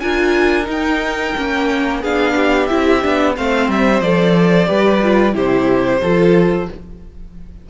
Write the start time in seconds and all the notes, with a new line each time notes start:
0.00 D4 F4 A#4 G#5
0.64 D#4
0.71 G5
1.37 A#3 C#4
2.01 B3 D4 G#4 F5
2.35 G4
2.67 C4 E4 E5
3.02 B3 D4
3.36 A3 C4 C5 F5
3.68 G3 E5
4.01 F3 A4 D5
4.66 G3 G4 B4
5.02 F4
5.32 C3 E4 G4 C5
6.02 F3 F4 A4